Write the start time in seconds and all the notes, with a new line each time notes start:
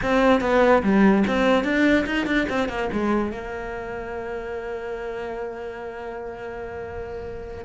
0.02 C4
0.40 B3
0.82 G3
1.27 C4
1.63 D4
2.06 D#4
2.26 D4
2.49 C4
2.68 A#3
2.92 G#3
3.31 A#3